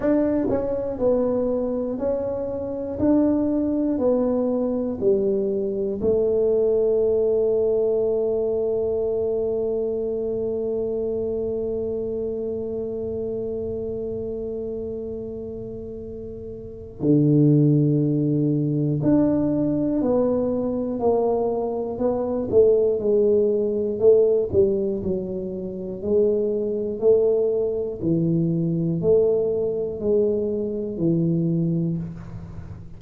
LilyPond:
\new Staff \with { instrumentName = "tuba" } { \time 4/4 \tempo 4 = 60 d'8 cis'8 b4 cis'4 d'4 | b4 g4 a2~ | a1~ | a1~ |
a4 d2 d'4 | b4 ais4 b8 a8 gis4 | a8 g8 fis4 gis4 a4 | e4 a4 gis4 e4 | }